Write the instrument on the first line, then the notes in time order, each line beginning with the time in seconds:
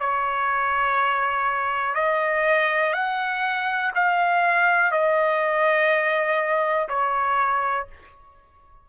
trumpet
0.00 C#5
1.94 D#5
2.93 F#5
3.95 F5
4.91 D#5
6.89 C#5